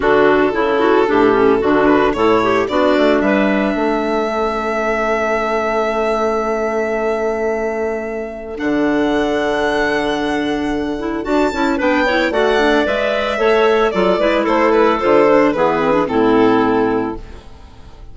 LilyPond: <<
  \new Staff \with { instrumentName = "violin" } { \time 4/4 \tempo 4 = 112 a'2.~ a'8 b'8 | cis''4 d''4 e''2~ | e''1~ | e''1 |
fis''1~ | fis''4 a''4 g''4 fis''4 | e''2 d''4 c''8 b'8 | c''4 b'4 a'2 | }
  \new Staff \with { instrumentName = "clarinet" } { \time 4/4 fis'4 e'8 fis'8 g'4 fis'4 | a'8 g'8 fis'4 b'4 a'4~ | a'1~ | a'1~ |
a'1~ | a'2 b'8 cis''8 d''4~ | d''4 cis''4 a'8 b'8 a'4~ | a'4 gis'4 e'2 | }
  \new Staff \with { instrumentName = "clarinet" } { \time 4/4 d'4 e'4 d'8 cis'8 d'4 | e'4 d'2. | cis'1~ | cis'1 |
d'1~ | d'8 e'8 fis'8 e'8 d'8 e'8 fis'8 d'8 | b'4 a'4 f'8 e'4. | f'8 d'8 b8 c'16 d'16 c'2 | }
  \new Staff \with { instrumentName = "bassoon" } { \time 4/4 d4 cis4 a,4 d4 | a,4 b8 a8 g4 a4~ | a1~ | a1 |
d1~ | d4 d'8 cis'8 b4 a4 | gis4 a4 fis8 gis8 a4 | d4 e4 a,2 | }
>>